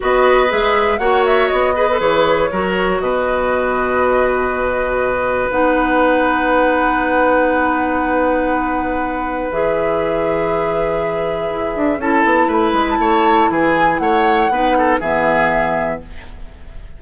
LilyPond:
<<
  \new Staff \with { instrumentName = "flute" } { \time 4/4 \tempo 4 = 120 dis''4 e''4 fis''8 e''8 dis''4 | cis''2 dis''2~ | dis''2. fis''4~ | fis''1~ |
fis''2. e''4~ | e''1 | a''4 b''8. a''4~ a''16 gis''4 | fis''2 e''2 | }
  \new Staff \with { instrumentName = "oboe" } { \time 4/4 b'2 cis''4. b'8~ | b'4 ais'4 b'2~ | b'1~ | b'1~ |
b'1~ | b'1 | a'4 b'4 cis''4 gis'4 | cis''4 b'8 a'8 gis'2 | }
  \new Staff \with { instrumentName = "clarinet" } { \time 4/4 fis'4 gis'4 fis'4. gis'16 a'16 | gis'4 fis'2.~ | fis'2. dis'4~ | dis'1~ |
dis'2. gis'4~ | gis'1 | e'1~ | e'4 dis'4 b2 | }
  \new Staff \with { instrumentName = "bassoon" } { \time 4/4 b4 gis4 ais4 b4 | e4 fis4 b,2~ | b,2. b4~ | b1~ |
b2. e4~ | e2. e'8 d'8 | cis'8 b8 a8 gis8 a4 e4 | a4 b4 e2 | }
>>